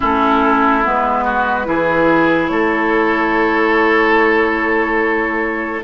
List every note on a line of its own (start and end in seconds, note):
0.00 0.85 A3
0.00 0.83 C#4
0.00 1.24 E4
0.00 0.86 A4
0.83 1.67 G#3
0.83 1.64 B3
0.83 2.47 B4
1.24 1.66 F#4
1.64 2.49 E3
1.64 5.81 E4
1.64 2.51 G#4
2.47 5.82 A3
2.47 5.84 A4
2.47 5.81 C#5